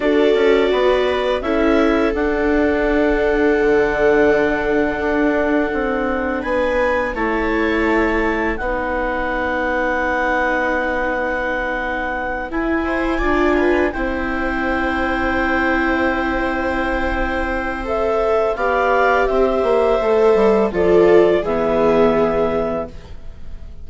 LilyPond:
<<
  \new Staff \with { instrumentName = "clarinet" } { \time 4/4 \tempo 4 = 84 d''2 e''4 fis''4~ | fis''1~ | fis''4 gis''4 a''2 | fis''1~ |
fis''4. gis''2 g''8~ | g''1~ | g''4 e''4 f''4 e''4~ | e''4 d''4 e''2 | }
  \new Staff \with { instrumentName = "viola" } { \time 4/4 a'4 b'4 a'2~ | a'1~ | a'4 b'4 cis''2 | b'1~ |
b'2 c''8 d''8 b'8 c''8~ | c''1~ | c''2 d''4 c''4~ | c''4 a'4 gis'2 | }
  \new Staff \with { instrumentName = "viola" } { \time 4/4 fis'2 e'4 d'4~ | d'1~ | d'2 e'2 | dis'1~ |
dis'4. e'4 f'4 e'8~ | e'1~ | e'4 a'4 g'2 | a'4 f'4 b2 | }
  \new Staff \with { instrumentName = "bassoon" } { \time 4/4 d'8 cis'8 b4 cis'4 d'4~ | d'4 d2 d'4 | c'4 b4 a2 | b1~ |
b4. e'4 d'4 c'8~ | c'1~ | c'2 b4 c'8 ais8 | a8 g8 f4 e2 | }
>>